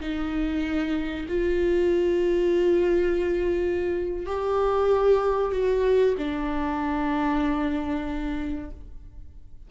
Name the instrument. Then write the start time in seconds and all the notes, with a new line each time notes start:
viola
0.00 D#4
1.28 F4
4.26 G4
5.52 F#4
6.18 D4